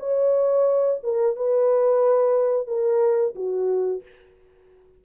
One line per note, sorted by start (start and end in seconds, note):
0.00 1.01 C#5
1.04 1.36 A#4
1.36 2.68 B4
2.68 3.35 A#4
3.36 4.03 F#4